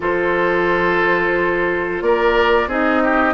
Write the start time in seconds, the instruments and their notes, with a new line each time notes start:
0.00 bassoon F3, clarinet F4, oboe A4, flute C5
2.01 bassoon A#3, oboe A#4, flute D5
2.67 bassoon C4, clarinet D#4, oboe G#4, flute D#5
3.03 oboe G4